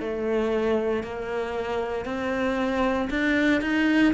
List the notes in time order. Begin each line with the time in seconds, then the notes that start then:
0.00 A3
1.03 A#3
2.05 C4
3.10 D4
3.61 D#4